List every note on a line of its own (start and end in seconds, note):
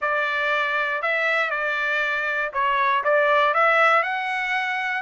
0.01 1.02 D5
1.02 1.50 E5
1.50 2.51 D5
2.53 3.03 C#5
3.03 3.53 D5
3.53 4.02 E5
4.02 5.02 F#5